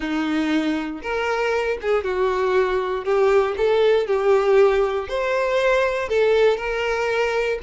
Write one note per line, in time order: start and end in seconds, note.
0.00 1.01 D#4
1.01 1.78 A#4
1.81 2.04 G#4
2.04 3.04 F#4
3.04 3.55 G4
3.57 4.07 A4
4.07 5.08 G4
5.08 6.08 C5
6.08 6.57 A4
6.57 7.58 A#4